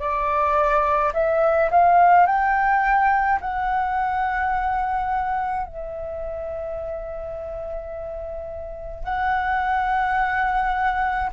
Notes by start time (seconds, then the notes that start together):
0.00 D5
1.14 E5
1.71 F5
2.27 G5
3.41 F#5
5.67 E5
9.04 F#5